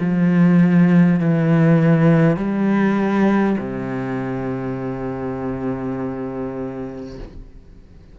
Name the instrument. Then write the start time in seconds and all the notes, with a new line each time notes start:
cello
0.00 F3
1.20 E3
2.36 G3
3.58 C3